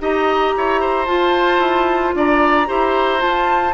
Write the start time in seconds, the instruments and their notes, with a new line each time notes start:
0.00 bassoon D#4, clarinet G4, oboe D#5, flute A#5
0.56 bassoon E4, oboe C#5
0.81 oboe C5
1.06 bassoon F4, clarinet F4, flute A5
1.59 bassoon E4
2.14 bassoon D4, oboe D5, flute A#5
2.67 bassoon E4, clarinet G4, oboe C5
3.19 clarinet F4, bassoon F4, flute A5